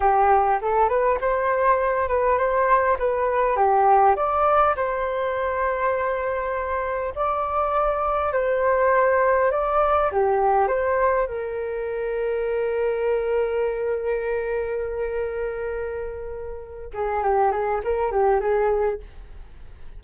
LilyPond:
\new Staff \with { instrumentName = "flute" } { \time 4/4 \tempo 4 = 101 g'4 a'8 b'8 c''4. b'8 | c''4 b'4 g'4 d''4 | c''1 | d''2 c''2 |
d''4 g'4 c''4 ais'4~ | ais'1~ | ais'1~ | ais'8 gis'8 g'8 gis'8 ais'8 g'8 gis'4 | }